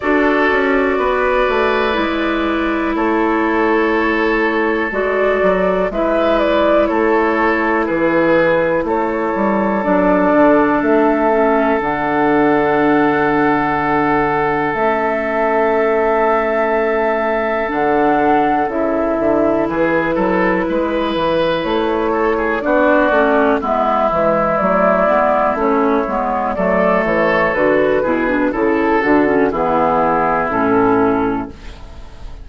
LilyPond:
<<
  \new Staff \with { instrumentName = "flute" } { \time 4/4 \tempo 4 = 61 d''2. cis''4~ | cis''4 d''4 e''8 d''8 cis''4 | b'4 cis''4 d''4 e''4 | fis''2. e''4~ |
e''2 fis''4 e''4 | b'2 cis''4 d''4 | e''4 d''4 cis''4 d''8 cis''8 | b'4 a'8 fis'8 gis'4 a'4 | }
  \new Staff \with { instrumentName = "oboe" } { \time 4/4 a'4 b'2 a'4~ | a'2 b'4 a'4 | gis'4 a'2.~ | a'1~ |
a'1 | gis'8 a'8 b'4. a'16 gis'16 fis'4 | e'2. a'4~ | a'8 gis'8 a'4 e'2 | }
  \new Staff \with { instrumentName = "clarinet" } { \time 4/4 fis'2 e'2~ | e'4 fis'4 e'2~ | e'2 d'4. cis'8 | d'2. cis'4~ |
cis'2 d'4 e'4~ | e'2. d'8 cis'8 | b8 gis8 a8 b8 cis'8 b8 a4 | fis'8 e'16 d'16 e'8 d'16 cis'16 b4 cis'4 | }
  \new Staff \with { instrumentName = "bassoon" } { \time 4/4 d'8 cis'8 b8 a8 gis4 a4~ | a4 gis8 fis8 gis4 a4 | e4 a8 g8 fis8 d8 a4 | d2. a4~ |
a2 d4 cis8 d8 | e8 fis8 gis8 e8 a4 b8 a8 | gis8 e8 fis8 gis8 a8 gis8 fis8 e8 | d8 b,8 cis8 d8 e4 a,4 | }
>>